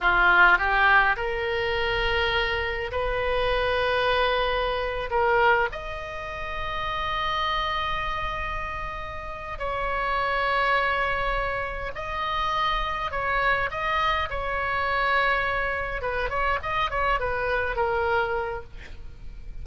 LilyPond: \new Staff \with { instrumentName = "oboe" } { \time 4/4 \tempo 4 = 103 f'4 g'4 ais'2~ | ais'4 b'2.~ | b'8. ais'4 dis''2~ dis''16~ | dis''1~ |
dis''8 cis''2.~ cis''8~ | cis''8 dis''2 cis''4 dis''8~ | dis''8 cis''2. b'8 | cis''8 dis''8 cis''8 b'4 ais'4. | }